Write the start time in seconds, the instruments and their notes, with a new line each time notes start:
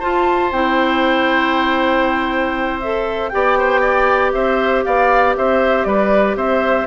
0.00 clarinet F4, bassoon F4, oboe C5, flute A5
0.52 bassoon C4, clarinet E4, flute G5
2.81 clarinet A4, flute E5
3.29 bassoon B3, clarinet G4, oboe D5, flute G5
3.59 oboe C5
3.81 oboe D5
4.33 bassoon C4, oboe C5, flute E5
4.84 bassoon B3, oboe D5, flute F5
5.37 bassoon C4, oboe C5, flute E5
5.85 bassoon G3, oboe B4, flute D5
6.36 bassoon C4, oboe C5, flute E5